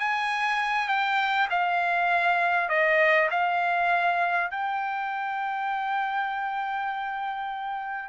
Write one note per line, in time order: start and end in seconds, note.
0.00 0.88 G#5
0.88 1.48 G5
1.50 2.69 F5
2.69 3.29 D#5
3.31 4.51 F5
4.51 8.09 G5